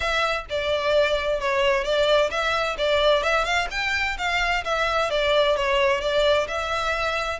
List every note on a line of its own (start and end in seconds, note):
0.00 0.45 E5
0.49 1.40 D5
1.40 1.83 C#5
1.83 2.30 D5
2.30 2.76 E5
2.78 3.23 D5
3.23 3.44 E5
3.44 3.67 F5
3.70 4.17 G5
4.17 4.64 F5
4.64 5.10 E5
5.10 5.56 D5
5.56 6.00 C#5
6.00 6.47 D5
6.47 7.39 E5